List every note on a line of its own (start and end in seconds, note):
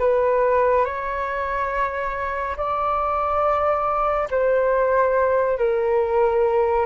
0.00 0.85 B4
0.85 2.57 C#5
2.57 4.29 D5
4.31 5.58 C5
5.58 6.86 A#4